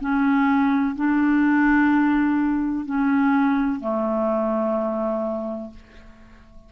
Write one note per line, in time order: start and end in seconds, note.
0.00 0.95 C#4
0.96 2.85 D4
2.85 3.80 C#4
3.80 5.71 A3